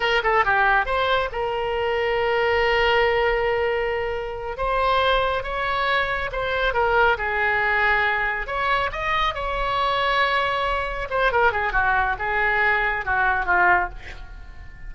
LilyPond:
\new Staff \with { instrumentName = "oboe" } { \time 4/4 \tempo 4 = 138 ais'8 a'8 g'4 c''4 ais'4~ | ais'1~ | ais'2~ ais'8 c''4.~ | c''8 cis''2 c''4 ais'8~ |
ais'8 gis'2. cis''8~ | cis''8 dis''4 cis''2~ cis''8~ | cis''4. c''8 ais'8 gis'8 fis'4 | gis'2 fis'4 f'4 | }